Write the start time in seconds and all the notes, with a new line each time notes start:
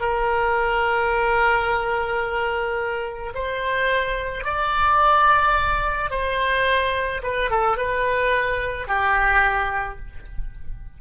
0.00 A#4
3.34 C5
4.44 D5
6.11 C5
7.23 B4
7.51 A4
7.77 B4
8.87 G4